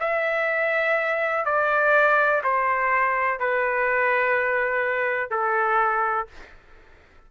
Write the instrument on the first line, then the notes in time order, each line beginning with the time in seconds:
trumpet
0.00 E5
1.45 D5
2.43 C5
3.39 B4
5.30 A4